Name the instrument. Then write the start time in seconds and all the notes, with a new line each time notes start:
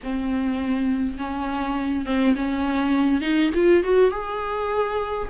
viola
0.03 C4
1.18 C#4
2.05 C4
2.35 C#4
3.21 D#4
3.54 F4
3.83 F#4
4.10 G#4